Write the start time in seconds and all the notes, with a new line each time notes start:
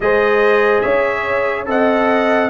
0.00 G#3 G#4 C5 D#5
0.81 C#4 C#5 E5
1.65 C4 A4 D#5 F#5